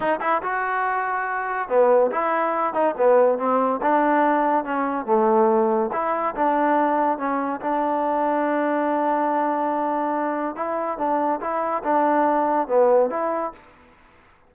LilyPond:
\new Staff \with { instrumentName = "trombone" } { \time 4/4 \tempo 4 = 142 dis'8 e'8 fis'2. | b4 e'4. dis'8 b4 | c'4 d'2 cis'4 | a2 e'4 d'4~ |
d'4 cis'4 d'2~ | d'1~ | d'4 e'4 d'4 e'4 | d'2 b4 e'4 | }